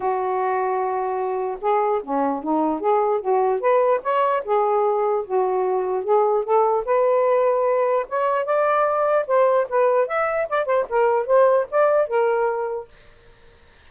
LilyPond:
\new Staff \with { instrumentName = "saxophone" } { \time 4/4 \tempo 4 = 149 fis'1 | gis'4 cis'4 dis'4 gis'4 | fis'4 b'4 cis''4 gis'4~ | gis'4 fis'2 gis'4 |
a'4 b'2. | cis''4 d''2 c''4 | b'4 e''4 d''8 c''8 ais'4 | c''4 d''4 ais'2 | }